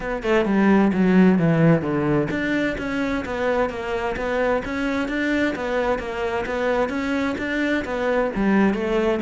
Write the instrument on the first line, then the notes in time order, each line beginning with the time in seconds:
cello
0.00 B3
0.22 A3
0.45 G3
0.93 F#3
1.38 E3
1.81 D3
2.30 D4
2.78 C#4
3.25 B3
3.69 A#3
4.16 B3
4.64 C#4
5.08 D4
5.55 B3
5.98 A#3
6.46 B3
6.89 C#4
7.38 D4
7.84 B3
8.35 G3
8.74 A3